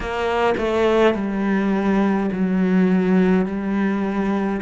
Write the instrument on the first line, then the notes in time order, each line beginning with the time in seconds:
cello
0.00 A#3
0.57 A3
1.14 G3
2.32 F#3
3.45 G3